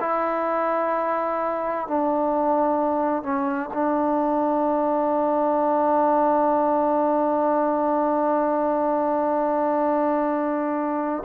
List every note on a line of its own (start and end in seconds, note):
0.00 1.87 E4
1.87 3.23 D4
3.23 3.69 C#4
3.73 11.23 D4